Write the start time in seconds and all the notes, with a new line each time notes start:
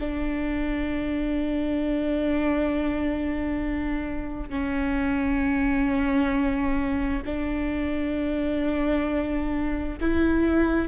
0.00 D4
4.50 C#4
7.26 D4
10.01 E4